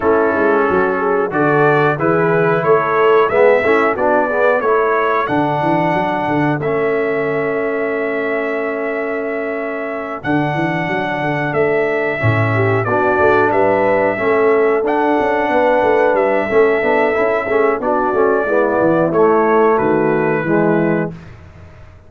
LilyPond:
<<
  \new Staff \with { instrumentName = "trumpet" } { \time 4/4 \tempo 4 = 91 a'2 d''4 b'4 | cis''4 e''4 d''4 cis''4 | fis''2 e''2~ | e''2.~ e''8 fis''8~ |
fis''4. e''2 d''8~ | d''8 e''2 fis''4.~ | fis''8 e''2~ e''8 d''4~ | d''4 cis''4 b'2 | }
  \new Staff \with { instrumentName = "horn" } { \time 4/4 e'4 fis'8 gis'8 a'4 gis'4 | a'4 gis'8 e'8 fis'8 gis'8 a'4~ | a'1~ | a'1~ |
a'2. g'8 fis'8~ | fis'8 b'4 a'2 b'8~ | b'4 a'4. gis'8 fis'4 | e'2 fis'4 e'4 | }
  \new Staff \with { instrumentName = "trombone" } { \time 4/4 cis'2 fis'4 e'4~ | e'4 b8 cis'8 d'8 b8 e'4 | d'2 cis'2~ | cis'2.~ cis'8 d'8~ |
d'2~ d'8 cis'4 d'8~ | d'4. cis'4 d'4.~ | d'4 cis'8 d'8 e'8 cis'8 d'8 cis'8 | b4 a2 gis4 | }
  \new Staff \with { instrumentName = "tuba" } { \time 4/4 a8 gis8 fis4 d4 e4 | a4 gis8 a8 b4 a4 | d8 e8 fis8 d8 a2~ | a2.~ a8 d8 |
e8 fis8 d8 a4 a,4 b8 | a8 g4 a4 d'8 cis'8 b8 | a8 g8 a8 b8 cis'8 a8 b8 a8 | gis8 e8 a4 dis4 e4 | }
>>